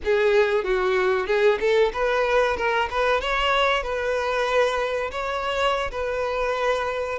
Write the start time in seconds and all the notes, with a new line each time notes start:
0.04 G#4
0.64 F#4
1.26 G#4
1.60 A4
1.93 B4
2.56 A#4
2.90 B4
3.20 C#5
3.83 B4
5.11 C#5
5.91 B4